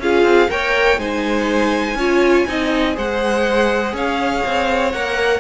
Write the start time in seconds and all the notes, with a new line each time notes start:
0.00 C#4 F4 G#4 F5
0.23 C4
0.49 A#3 A#4 C#5 G5
0.98 G#3 D#4 C5 G#5
1.95 C#4 F4 C#5
2.47 C4 D#4 D#5
2.94 G#3 G#4 C5 F#5
3.93 C#4 C#5 F5
4.46 C4
4.92 A#3 A#4 F#5